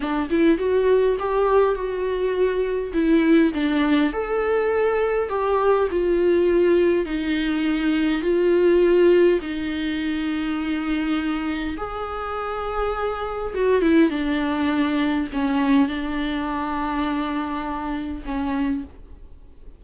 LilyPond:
\new Staff \with { instrumentName = "viola" } { \time 4/4 \tempo 4 = 102 d'8 e'8 fis'4 g'4 fis'4~ | fis'4 e'4 d'4 a'4~ | a'4 g'4 f'2 | dis'2 f'2 |
dis'1 | gis'2. fis'8 e'8 | d'2 cis'4 d'4~ | d'2. cis'4 | }